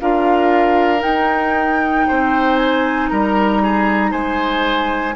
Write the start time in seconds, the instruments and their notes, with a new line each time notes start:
0.00 bassoon D4, clarinet F4, oboe A#4, flute F5
0.99 clarinet D#4, bassoon D#4, flute G5
2.07 bassoon C4, oboe C5
2.56 flute G#5
3.09 bassoon G3, oboe A#4, flute A#5
3.62 oboe G#4
4.11 bassoon G#3, oboe C5, flute G#5